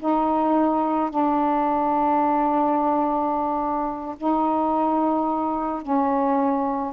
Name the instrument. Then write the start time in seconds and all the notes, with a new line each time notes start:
saxophone
0.00 D#4
1.10 D4
4.17 D#4
5.82 C#4